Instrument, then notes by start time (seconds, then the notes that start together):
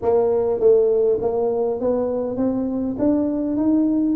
tuba
0.02 A#3
0.59 A3
1.21 A#3
1.80 B3
2.37 C4
2.98 D4
3.56 D#4